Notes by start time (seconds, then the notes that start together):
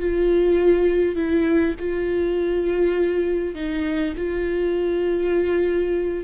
0.00 F4
1.16 E4
1.79 F4
3.55 D#4
4.17 F4